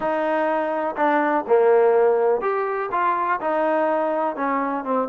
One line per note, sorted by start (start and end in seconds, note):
0.00 0.95 D#4
0.96 1.45 D4
1.47 2.41 A#3
2.41 2.89 G4
2.91 3.39 F4
3.40 4.36 D#4
4.36 4.84 C#4
4.84 5.08 C4